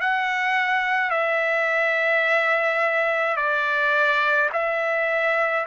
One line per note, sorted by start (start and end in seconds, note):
0.00 1.10 F#5
1.10 3.36 E5
3.36 4.49 D5
4.52 5.66 E5